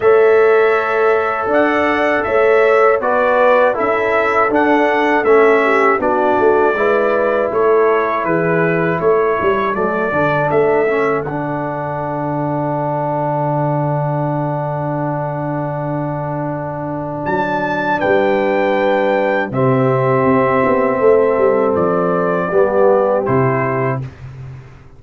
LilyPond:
<<
  \new Staff \with { instrumentName = "trumpet" } { \time 4/4 \tempo 4 = 80 e''2 fis''4 e''4 | d''4 e''4 fis''4 e''4 | d''2 cis''4 b'4 | cis''4 d''4 e''4 fis''4~ |
fis''1~ | fis''2. a''4 | g''2 e''2~ | e''4 d''2 c''4 | }
  \new Staff \with { instrumentName = "horn" } { \time 4/4 cis''2 d''4 cis''4 | b'4 a'2~ a'8 g'8 | fis'4 b'4 a'4 gis'4 | a'1~ |
a'1~ | a'1 | b'2 g'2 | a'2 g'2 | }
  \new Staff \with { instrumentName = "trombone" } { \time 4/4 a'1 | fis'4 e'4 d'4 cis'4 | d'4 e'2.~ | e'4 a8 d'4 cis'8 d'4~ |
d'1~ | d'1~ | d'2 c'2~ | c'2 b4 e'4 | }
  \new Staff \with { instrumentName = "tuba" } { \time 4/4 a2 d'4 a4 | b4 cis'4 d'4 a4 | b8 a8 gis4 a4 e4 | a8 g8 fis8 d8 a4 d4~ |
d1~ | d2. fis4 | g2 c4 c'8 b8 | a8 g8 f4 g4 c4 | }
>>